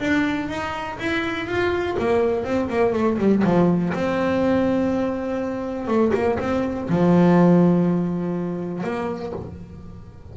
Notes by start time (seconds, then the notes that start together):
0.00 D4
0.49 D#4
0.99 E4
1.47 F4
1.99 A#3
2.44 C4
2.69 A#3
2.93 A3
3.18 G3
3.44 F3
3.94 C4
5.88 A3
6.14 A#3
6.40 C4
6.89 F3
8.84 A#3